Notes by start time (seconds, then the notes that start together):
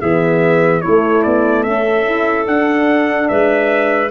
0.00 E3 B3 G#4 E5
0.81 A3 E4 C#5
1.22 B3 D5
1.63 C#4 A4 E5
2.05 E4
2.46 D4 F#5
3.28 G#3 B4 E5